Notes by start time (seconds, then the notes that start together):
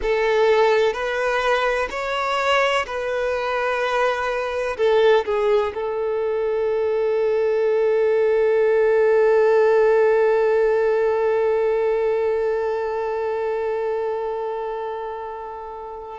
0.02 A4
0.93 B4
1.90 C#5
2.86 B4
4.77 A4
5.25 G#4
5.74 A4